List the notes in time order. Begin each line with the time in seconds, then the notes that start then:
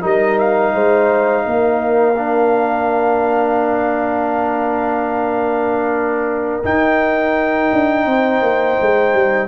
0.00 G3 D#4 A#4 D#5
0.38 F5
0.73 G#3 C5
1.45 A#3 A#4
2.17 D4
6.64 D#4 G5
7.72 D4
8.05 C4 C5
8.41 A#3
8.80 G#3
9.13 G3